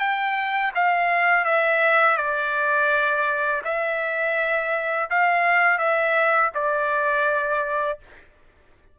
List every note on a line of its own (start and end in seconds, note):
0.00 0.72 G5
0.75 1.45 F5
1.45 2.17 E5
2.18 3.62 D5
3.65 5.09 E5
5.10 5.79 F5
5.79 6.51 E5
6.55 7.99 D5